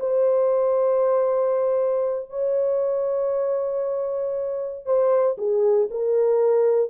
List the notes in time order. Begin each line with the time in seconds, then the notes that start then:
0.00 C5
2.30 C#5
4.85 C5
5.38 G#4
5.91 A#4